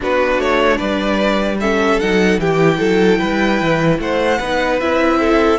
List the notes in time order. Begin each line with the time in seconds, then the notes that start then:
0.00 B3 D4 F#4 B4
0.38 A3 C#5
0.77 G3 B4 D5
1.60 C#4 A4 E5
1.99 F#3 D#4 F#5
2.38 E3 E4 G4 G5
2.78 F#3 A4
3.18 G3 B4
3.61 E3
3.98 A3 C5 F#5
4.38 B3 D#4 B4
4.80 C4 E4 E5
5.19 A4